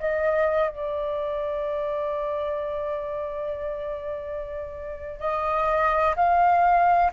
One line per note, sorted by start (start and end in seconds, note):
0.00 0.70 D#5
0.70 5.20 D5
5.20 6.16 D#5
6.16 7.11 F5